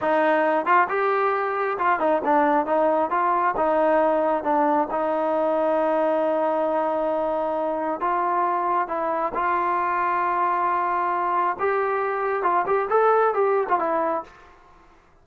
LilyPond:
\new Staff \with { instrumentName = "trombone" } { \time 4/4 \tempo 4 = 135 dis'4. f'8 g'2 | f'8 dis'8 d'4 dis'4 f'4 | dis'2 d'4 dis'4~ | dis'1~ |
dis'2 f'2 | e'4 f'2.~ | f'2 g'2 | f'8 g'8 a'4 g'8. f'16 e'4 | }